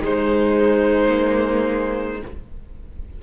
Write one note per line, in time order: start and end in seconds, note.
0.00 1.09 G#3
0.00 2.22 G#3
0.00 2.22 D#4
0.00 2.22 C5
1.09 2.18 A#3